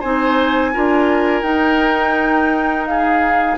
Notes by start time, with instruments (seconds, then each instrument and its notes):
0.00 bassoon C4, clarinet D#4, oboe C5, flute G#5
0.74 bassoon D4, clarinet F4, oboe A#4
1.43 bassoon D#4, clarinet D#4, flute G5
2.86 oboe G#4, flute F5